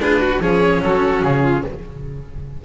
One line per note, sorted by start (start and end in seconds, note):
0.00 0.40 D4
0.00 0.20 F4
0.00 0.21 G#4
0.00 0.41 B4
0.20 0.41 F#4
0.20 0.42 F#4
0.40 0.81 F3
0.40 1.65 C#4
0.40 0.83 G#4
0.40 0.82 C#5
0.82 1.23 F#3
0.82 1.43 F#4
0.82 1.23 A4
1.23 1.64 C#3
1.23 1.64 G#4
1.43 1.63 F4